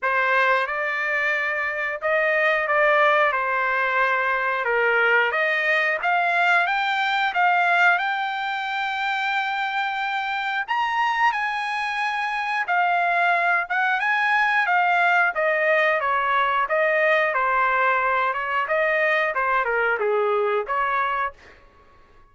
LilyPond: \new Staff \with { instrumentName = "trumpet" } { \time 4/4 \tempo 4 = 90 c''4 d''2 dis''4 | d''4 c''2 ais'4 | dis''4 f''4 g''4 f''4 | g''1 |
ais''4 gis''2 f''4~ | f''8 fis''8 gis''4 f''4 dis''4 | cis''4 dis''4 c''4. cis''8 | dis''4 c''8 ais'8 gis'4 cis''4 | }